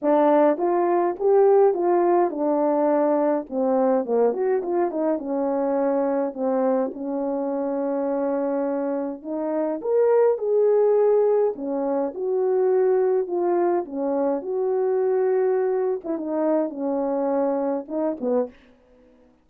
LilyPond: \new Staff \with { instrumentName = "horn" } { \time 4/4 \tempo 4 = 104 d'4 f'4 g'4 f'4 | d'2 c'4 ais8 fis'8 | f'8 dis'8 cis'2 c'4 | cis'1 |
dis'4 ais'4 gis'2 | cis'4 fis'2 f'4 | cis'4 fis'2~ fis'8. e'16 | dis'4 cis'2 dis'8 b8 | }